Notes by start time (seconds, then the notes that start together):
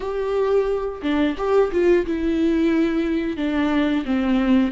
0.00 G4
1.02 D4
1.37 G4
1.71 F4
2.06 E4
3.36 D4
4.05 C4